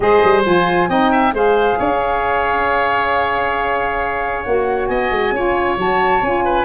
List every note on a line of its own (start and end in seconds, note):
0.00 0.21 G#3
0.00 0.43 G#4
0.00 0.89 C5
0.00 0.41 D#5
0.24 0.45 G3
0.44 0.88 F3
0.44 0.88 F4
0.44 0.89 G#5
0.88 1.33 C4
0.88 1.33 D#4
0.88 1.11 D#5
0.88 1.34 G5
1.11 1.34 E5
1.33 1.77 G#3
1.33 4.45 G#4
1.33 1.78 C5
1.33 4.43 F5
1.78 4.46 C#4
1.78 4.89 C#5
4.43 4.89 A#3
4.43 5.35 F#4
4.43 4.86 F#5
4.86 5.11 B3
4.86 5.34 D#5
4.86 5.75 G#5
5.11 5.31 G#3
5.31 5.76 C#4
5.31 5.77 F4
5.31 6.44 C#5
5.77 6.22 F#3
5.77 6.22 F#4
5.77 6.23 A5
6.22 6.64 C#4
6.22 6.64 F4
6.22 6.64 G#5
6.44 6.64 B4